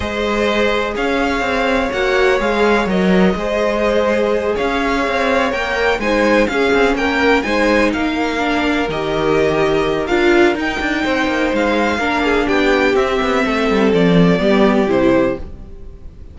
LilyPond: <<
  \new Staff \with { instrumentName = "violin" } { \time 4/4 \tempo 4 = 125 dis''2 f''2 | fis''4 f''4 dis''2~ | dis''4. f''2 g''8~ | g''8 gis''4 f''4 g''4 gis''8~ |
gis''8 f''2 dis''4.~ | dis''4 f''4 g''2 | f''2 g''4 e''4~ | e''4 d''2 c''4 | }
  \new Staff \with { instrumentName = "violin" } { \time 4/4 c''2 cis''2~ | cis''2. c''4~ | c''4. cis''2~ cis''8~ | cis''8 c''4 gis'4 ais'4 c''8~ |
c''8 ais'2.~ ais'8~ | ais'2. c''4~ | c''4 ais'8 gis'8 g'2 | a'2 g'2 | }
  \new Staff \with { instrumentName = "viola" } { \time 4/4 gis'1 | fis'4 gis'4 ais'4 gis'4~ | gis'2.~ gis'8 ais'8~ | ais'8 dis'4 cis'2 dis'8~ |
dis'4. d'4 g'4.~ | g'4 f'4 dis'2~ | dis'4 d'2 c'4~ | c'2 b4 e'4 | }
  \new Staff \with { instrumentName = "cello" } { \time 4/4 gis2 cis'4 c'4 | ais4 gis4 fis4 gis4~ | gis4. cis'4 c'4 ais8~ | ais8 gis4 cis'8 c'8 ais4 gis8~ |
gis8 ais2 dis4.~ | dis4 d'4 dis'8 d'8 c'8 ais8 | gis4 ais4 b4 c'8 b8 | a8 g8 f4 g4 c4 | }
>>